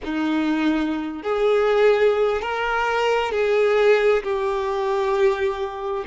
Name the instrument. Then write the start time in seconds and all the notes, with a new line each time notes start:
violin
0.04 D#4
1.23 G#4
2.41 A#4
3.31 G#4
4.23 G4